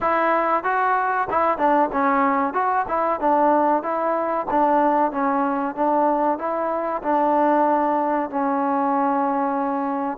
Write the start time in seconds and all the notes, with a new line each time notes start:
0.00 E4
0.63 F#4
1.29 E4
1.58 D4
1.92 C#4
2.53 F#4
2.88 E4
3.20 D4
3.82 E4
4.50 D4
5.11 C#4
5.75 D4
6.38 E4
7.02 D4
8.29 C#4